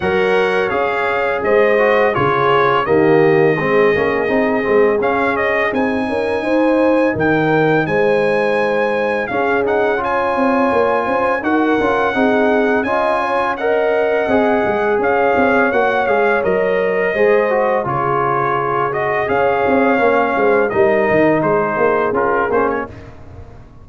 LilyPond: <<
  \new Staff \with { instrumentName = "trumpet" } { \time 4/4 \tempo 4 = 84 fis''4 f''4 dis''4 cis''4 | dis''2. f''8 dis''8 | gis''2 g''4 gis''4~ | gis''4 f''8 fis''8 gis''2 |
fis''2 gis''4 fis''4~ | fis''4 f''4 fis''8 f''8 dis''4~ | dis''4 cis''4. dis''8 f''4~ | f''4 dis''4 c''4 ais'8 c''16 cis''16 | }
  \new Staff \with { instrumentName = "horn" } { \time 4/4 cis''2 c''4 gis'4 | g'4 gis'2.~ | gis'8 ais'8 c''4 ais'4 c''4~ | c''4 gis'4 cis''4. c''8 |
ais'4 gis'4 dis''8 cis''8 dis''4~ | dis''4 cis''2. | c''4 gis'2 cis''4~ | cis''8 c''8 ais'4 gis'2 | }
  \new Staff \with { instrumentName = "trombone" } { \time 4/4 ais'4 gis'4. fis'8 f'4 | ais4 c'8 cis'8 dis'8 c'8 cis'4 | dis'1~ | dis'4 cis'8 dis'8 f'2 |
fis'8 f'8 dis'4 f'4 ais'4 | gis'2 fis'8 gis'8 ais'4 | gis'8 fis'8 f'4. fis'8 gis'4 | cis'4 dis'2 f'8 cis'8 | }
  \new Staff \with { instrumentName = "tuba" } { \time 4/4 fis4 cis'4 gis4 cis4 | dis4 gis8 ais8 c'8 gis8 cis'4 | c'8 cis'8 dis'4 dis4 gis4~ | gis4 cis'4. c'8 ais8 cis'8 |
dis'8 cis'8 c'4 cis'2 | c'8 gis8 cis'8 c'8 ais8 gis8 fis4 | gis4 cis2 cis'8 c'8 | ais8 gis8 g8 dis8 gis8 ais8 cis'8 ais8 | }
>>